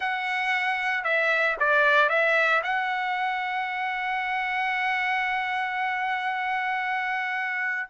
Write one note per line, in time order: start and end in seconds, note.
0.00 1.04 F#5
1.04 1.56 E5
1.59 2.09 D5
2.09 2.61 E5
2.63 7.89 F#5